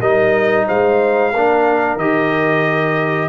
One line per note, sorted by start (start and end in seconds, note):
0.00 0.67 G3
0.00 1.34 D#4
0.00 0.66 A#4
0.00 0.67 D#5
0.68 1.34 G#3
0.68 1.33 C5
0.68 1.99 F5
1.33 1.97 A#3
1.33 2.00 D4
1.33 3.29 A#4
1.97 3.29 D#3
1.97 3.29 G4
1.97 3.29 D#5